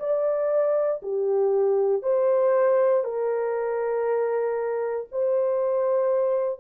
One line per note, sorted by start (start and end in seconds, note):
0.00 1.02 D5
1.03 2.02 G4
2.02 3.04 C5
3.04 5.08 A#4
5.12 6.60 C5